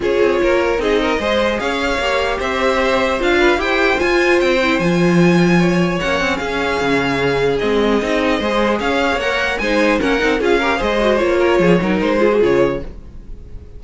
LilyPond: <<
  \new Staff \with { instrumentName = "violin" } { \time 4/4 \tempo 4 = 150 cis''2 dis''2 | f''2 e''2 | f''4 g''4 gis''4 g''4 | gis''2. fis''4 |
f''2. dis''4~ | dis''2 f''4 fis''4 | gis''4 fis''4 f''4 dis''4 | cis''2 c''4 cis''4 | }
  \new Staff \with { instrumentName = "violin" } { \time 4/4 gis'4 ais'4 gis'8 ais'8 c''4 | cis''2 c''2~ | c''8 b'8 c''2.~ | c''2 cis''2 |
gis'1~ | gis'4 c''4 cis''2 | c''4 ais'4 gis'8 ais'8 c''4~ | c''8 ais'8 gis'8 ais'4 gis'4. | }
  \new Staff \with { instrumentName = "viola" } { \time 4/4 f'2 dis'4 gis'4~ | gis'4 g'2. | f'4 g'4 f'4. e'8 | f'2. cis'4~ |
cis'2. c'4 | dis'4 gis'2 ais'4 | dis'4 cis'8 dis'8 f'8 g'8 gis'8 fis'8 | f'4. dis'4 f'16 fis'16 f'4 | }
  \new Staff \with { instrumentName = "cello" } { \time 4/4 cis'8 c'8 ais4 c'4 gis4 | cis'4 ais4 c'2 | d'4 e'4 f'4 c'4 | f2. ais8 c'8 |
cis'4 cis2 gis4 | c'4 gis4 cis'4 ais4 | gis4 ais8 c'8 cis'4 gis4 | ais4 f8 fis8 gis4 cis4 | }
>>